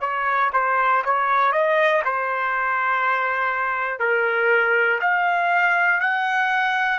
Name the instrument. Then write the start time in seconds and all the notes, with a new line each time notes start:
trumpet
0.00 C#5
0.53 C5
1.05 C#5
1.52 D#5
2.05 C5
3.99 A#4
5.01 F5
6.00 F#5